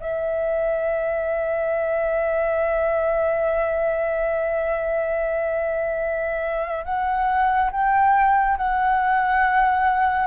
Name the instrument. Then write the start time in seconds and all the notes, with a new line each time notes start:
flute
0.00 E5
6.85 F#5
7.71 G5
8.57 F#5